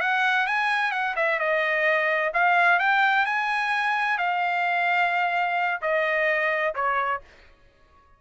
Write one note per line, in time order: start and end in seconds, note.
0.00 0.47 F#5
0.47 0.91 G#5
0.91 1.15 F#5
1.16 1.39 E5
1.39 2.32 D#5
2.33 2.79 F5
2.79 3.25 G5
3.25 4.18 G#5
4.18 5.81 F5
5.81 6.74 D#5
6.75 7.21 C#5